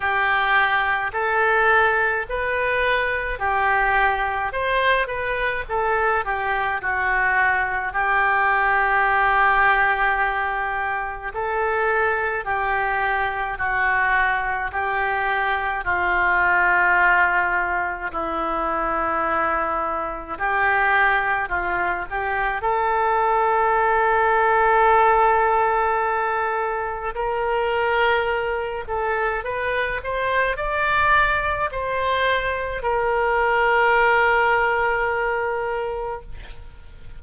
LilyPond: \new Staff \with { instrumentName = "oboe" } { \time 4/4 \tempo 4 = 53 g'4 a'4 b'4 g'4 | c''8 b'8 a'8 g'8 fis'4 g'4~ | g'2 a'4 g'4 | fis'4 g'4 f'2 |
e'2 g'4 f'8 g'8 | a'1 | ais'4. a'8 b'8 c''8 d''4 | c''4 ais'2. | }